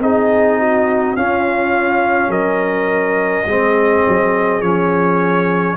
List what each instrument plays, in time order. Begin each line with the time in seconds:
0.00 tuba C4, trombone D#4, horn G#4, trumpet D#5
0.60 horn F#4
1.17 tuba C#4, trombone C#4, horn F4, trumpet F5
2.29 tuba F#3, horn A#4, trumpet D#5
3.46 tuba G#3, trombone C4, horn G#4
4.08 tuba F#3
4.62 tuba F3, trombone C#4, trumpet C#5